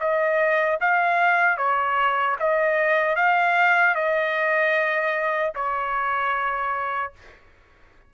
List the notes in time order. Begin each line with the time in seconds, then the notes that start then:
0.00 D#5
0.81 F5
1.58 C#5
2.40 D#5
3.16 F5
3.95 D#5
5.55 C#5